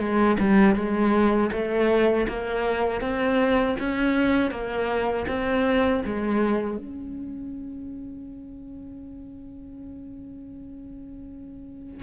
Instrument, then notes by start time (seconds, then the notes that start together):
cello
0.00 G#3
0.40 G3
0.76 G#3
1.52 A3
2.28 A#3
3.01 C4
3.80 C#4
4.51 A#3
5.28 C4
6.06 G#3
6.78 C#4